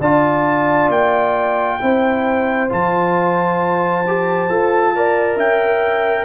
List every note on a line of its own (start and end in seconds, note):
0.00 0.89 D4
0.00 1.81 F4
0.00 1.79 D5
0.00 0.91 A5
0.89 1.78 A#3
0.89 2.70 G5
1.81 2.71 C4
1.81 2.69 E4
1.81 4.95 C5
2.69 4.49 F3
2.69 4.04 F4
2.69 5.39 A5
4.07 4.49 G4
4.49 5.36 F4
4.49 4.94 A4
4.95 6.25 A#4
4.95 5.37 D5
5.36 6.25 C#4
5.36 6.25 E5
5.36 6.25 G5